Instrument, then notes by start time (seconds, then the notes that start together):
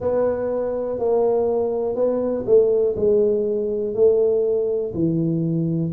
tuba
0.00 B3
0.98 A#3
1.95 B3
2.45 A3
2.96 G#3
3.94 A3
4.94 E3